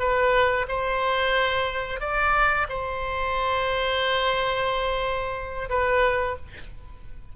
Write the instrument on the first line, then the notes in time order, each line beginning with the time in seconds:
oboe
0.00 B4
0.69 C5
2.01 D5
2.69 C5
5.70 B4